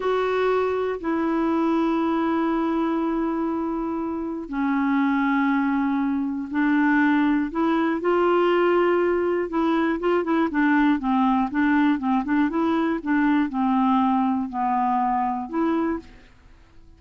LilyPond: \new Staff \with { instrumentName = "clarinet" } { \time 4/4 \tempo 4 = 120 fis'2 e'2~ | e'1~ | e'4 cis'2.~ | cis'4 d'2 e'4 |
f'2. e'4 | f'8 e'8 d'4 c'4 d'4 | c'8 d'8 e'4 d'4 c'4~ | c'4 b2 e'4 | }